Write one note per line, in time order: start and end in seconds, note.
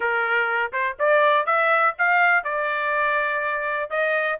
0.00 0.72 A#4
0.72 0.96 C5
0.99 1.46 D5
1.46 1.94 E5
1.98 2.44 F5
2.44 3.90 D5
3.90 4.39 D#5